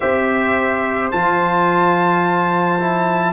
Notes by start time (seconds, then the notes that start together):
0.00 C4 G4 C5 E5
1.11 F3 F4 A5
2.80 E4